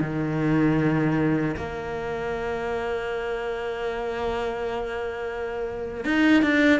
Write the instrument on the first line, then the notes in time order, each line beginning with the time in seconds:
cello
0.00 D#3
1.57 A#3
6.04 D#4
6.42 D4